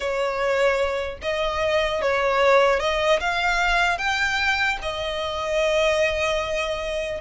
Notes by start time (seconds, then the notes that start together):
0.00 C#5
1.22 D#5
2.01 C#5
2.79 D#5
3.20 F5
3.97 G5
4.81 D#5